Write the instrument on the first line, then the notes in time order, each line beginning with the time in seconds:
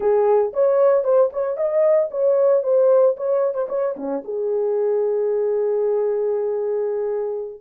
horn
0.00 G#4
0.53 C#5
1.04 C5
1.33 C#5
1.56 D#5
2.10 C#5
2.63 C5
3.16 C#5
3.54 C5
3.68 C#5
3.96 C#4
4.24 G#4